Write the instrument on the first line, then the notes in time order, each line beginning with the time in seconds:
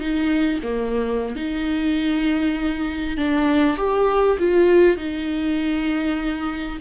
viola
0.00 D#4
0.63 A#3
1.36 D#4
3.17 D4
3.77 G4
4.39 F4
4.97 D#4